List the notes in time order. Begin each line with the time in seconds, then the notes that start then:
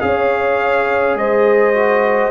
0.00 C#4 G#4 C#5 F5
1.14 G#3 C5 D#5
1.74 F#4